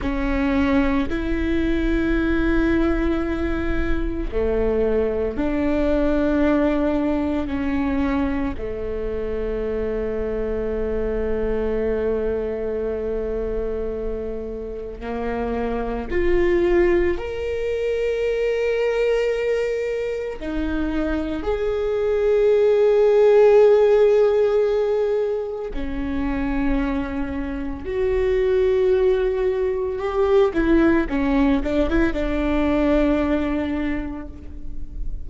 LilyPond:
\new Staff \with { instrumentName = "viola" } { \time 4/4 \tempo 4 = 56 cis'4 e'2. | a4 d'2 cis'4 | a1~ | a2 ais4 f'4 |
ais'2. dis'4 | gis'1 | cis'2 fis'2 | g'8 e'8 cis'8 d'16 e'16 d'2 | }